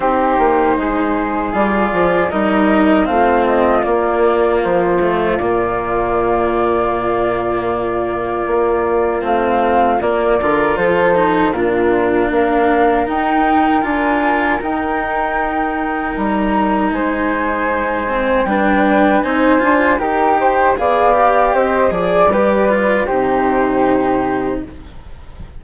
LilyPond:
<<
  \new Staff \with { instrumentName = "flute" } { \time 4/4 \tempo 4 = 78 c''2 d''4 dis''4 | f''8 dis''8 d''4 c''4 d''4~ | d''1 | f''4 d''4 c''4 ais'4 |
f''4 g''4 gis''4 g''4~ | g''4 ais''4 gis''2 | g''4 gis''4 g''4 f''4 | dis''8 d''4. c''2 | }
  \new Staff \with { instrumentName = "flute" } { \time 4/4 g'4 gis'2 ais'4 | f'1~ | f'1~ | f'4. ais'8 a'4 f'4 |
ais'1~ | ais'2 c''2 | b'4 c''4 ais'8 c''8 d''4 | c''8 d''8 b'4 g'2 | }
  \new Staff \with { instrumentName = "cello" } { \time 4/4 dis'2 f'4 dis'4 | c'4 ais4. a8 ais4~ | ais1 | c'4 ais8 f'4 dis'8 d'4~ |
d'4 dis'4 f'4 dis'4~ | dis'2.~ dis'8 c'8 | d'4 dis'8 f'8 g'4 gis'8 g'8~ | g'8 gis'8 g'8 f'8 dis'2 | }
  \new Staff \with { instrumentName = "bassoon" } { \time 4/4 c'8 ais8 gis4 g8 f8 g4 | a4 ais4 f4 ais,4~ | ais,2. ais4 | a4 ais8 d8 f4 ais,4 |
ais4 dis'4 d'4 dis'4~ | dis'4 g4 gis2 | g4 c'8 d'8 dis'4 b4 | c'8 f8 g4 c2 | }
>>